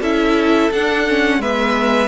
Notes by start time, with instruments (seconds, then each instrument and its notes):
0.00 cello C#4, viola E4, violin A4 E5
0.71 cello D4, viola D4, violin F#5
1.08 viola C#4
1.38 cello G#3, viola B3, violin B4 E5